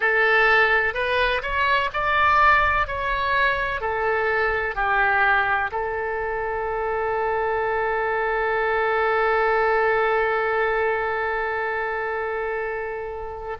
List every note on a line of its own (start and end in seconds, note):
0.00 0.94 A4
0.94 1.41 B4
1.42 1.90 C#5
1.93 2.87 D5
2.87 3.81 C#5
3.81 4.75 A4
4.75 5.70 G4
5.71 13.57 A4